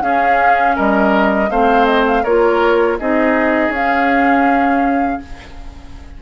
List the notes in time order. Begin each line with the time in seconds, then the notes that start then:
0.00 C#4 G#4 F5
0.75 G3 A#4 D#5
1.50 A3 C4 C5 F5
1.85 D#5
2.07 F5
2.23 A#3 F4 A#4 C#5
2.99 C4 D#4 G#4 D#5
3.69 C#4 F5